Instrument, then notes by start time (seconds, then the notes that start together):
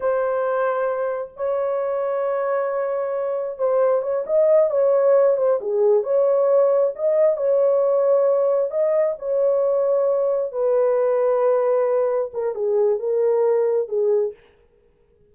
horn
0.00 C5
1.36 C#5
3.58 C5
4.02 C#5
4.26 D#5
4.70 C#5
5.37 C5
5.61 G#4
6.03 C#5
6.95 D#5
7.37 C#5
8.70 D#5
9.19 C#5
10.52 B4
12.33 A#4
12.55 G#4
12.99 A#4
13.88 G#4